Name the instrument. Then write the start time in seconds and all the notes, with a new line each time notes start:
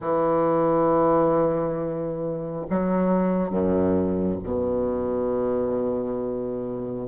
bassoon
0.00 E3
2.70 F#3
3.49 F#2
4.43 B2